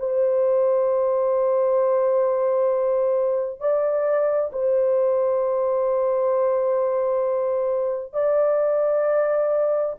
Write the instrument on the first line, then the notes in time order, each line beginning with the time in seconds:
horn
0.00 C5
3.60 D5
4.52 C5
8.14 D5